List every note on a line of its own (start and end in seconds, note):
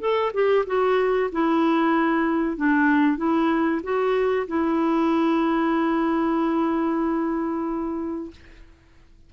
0.00 0.32 A4
0.33 0.65 G4
0.67 1.31 F#4
1.32 2.57 E4
2.57 3.17 D4
3.17 3.81 E4
3.83 4.47 F#4
4.48 8.31 E4